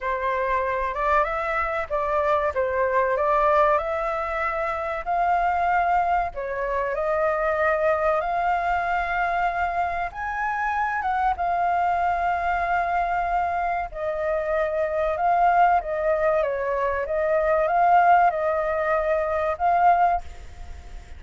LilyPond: \new Staff \with { instrumentName = "flute" } { \time 4/4 \tempo 4 = 95 c''4. d''8 e''4 d''4 | c''4 d''4 e''2 | f''2 cis''4 dis''4~ | dis''4 f''2. |
gis''4. fis''8 f''2~ | f''2 dis''2 | f''4 dis''4 cis''4 dis''4 | f''4 dis''2 f''4 | }